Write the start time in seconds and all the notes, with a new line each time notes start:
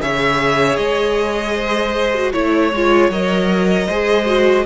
0.00 C#3 G#4 C#5 E5
0.76 G#3 D#5
1.54 C5
2.14 F#4
2.32 A3 E4 C#5
2.73 G#3 F4
3.10 F#3 A#4 D#5
3.87 G#3 G#4 C5
4.25 F#4